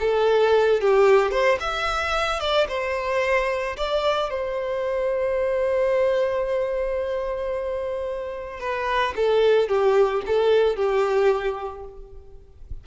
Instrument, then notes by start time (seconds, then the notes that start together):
violin
0.00 A4
0.81 G4
1.31 C5
1.60 E5
2.41 D5
2.69 C5
3.77 D5
4.30 C5
8.60 B4
9.16 A4
9.69 G4
10.27 A4
10.76 G4